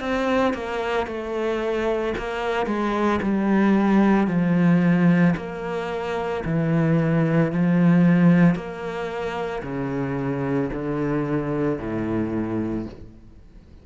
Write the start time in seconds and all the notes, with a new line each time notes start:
0.00 C4
0.53 A#3
1.06 A3
2.18 A#3
2.66 G#3
3.22 G3
4.27 F3
5.36 A#3
6.45 E3
7.52 F3
8.55 A#3
9.63 C#3
10.72 D3
11.79 A2